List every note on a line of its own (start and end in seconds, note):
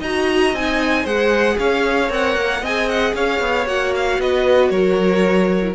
0.00 0.53 D#4
0.00 0.57 F#4
0.00 1.03 D#5
0.00 0.55 A#5
0.53 1.05 C4
0.53 1.06 D#4
0.53 1.06 G#5
1.03 1.58 G#3
1.03 2.09 G#4
1.03 1.55 C5
1.03 1.59 F#5
1.59 2.10 C#4
1.59 2.62 C#5
1.59 2.11 F5
2.09 2.36 C4
2.09 2.61 A#4
2.09 2.65 F#5
2.36 2.62 A#3
2.62 3.14 C4
2.62 3.67 G#4
2.62 3.14 D#5
2.62 2.89 G#5
2.89 3.15 F#5
3.15 3.41 C#4
3.15 4.21 C#5
3.15 3.67 F5
3.41 3.66 B3
3.66 4.19 A#3
3.66 5.62 F#4
3.66 3.94 F#5
3.95 4.21 F5
4.19 4.71 B3
4.19 4.72 B4
4.19 4.70 D#5
4.70 5.75 F#3
4.70 5.75 A#4
4.70 5.75 C#5
5.62 5.75 E4